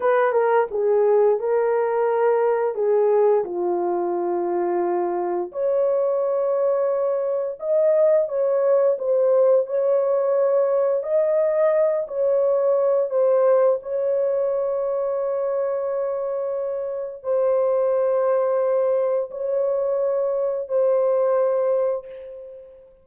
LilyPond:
\new Staff \with { instrumentName = "horn" } { \time 4/4 \tempo 4 = 87 b'8 ais'8 gis'4 ais'2 | gis'4 f'2. | cis''2. dis''4 | cis''4 c''4 cis''2 |
dis''4. cis''4. c''4 | cis''1~ | cis''4 c''2. | cis''2 c''2 | }